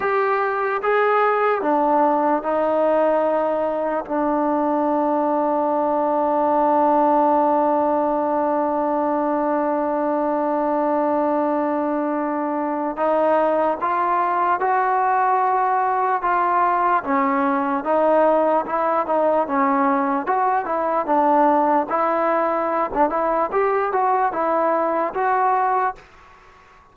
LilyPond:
\new Staff \with { instrumentName = "trombone" } { \time 4/4 \tempo 4 = 74 g'4 gis'4 d'4 dis'4~ | dis'4 d'2.~ | d'1~ | d'1 |
dis'4 f'4 fis'2 | f'4 cis'4 dis'4 e'8 dis'8 | cis'4 fis'8 e'8 d'4 e'4~ | e'16 d'16 e'8 g'8 fis'8 e'4 fis'4 | }